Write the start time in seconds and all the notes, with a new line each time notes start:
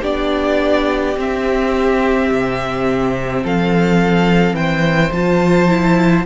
0.00 B3 D4 G4 D5
1.17 C4 E5
2.30 C3
3.43 F3 A4 F5
4.53 E3 C5 G5
5.12 F3 F4 A5
5.68 E4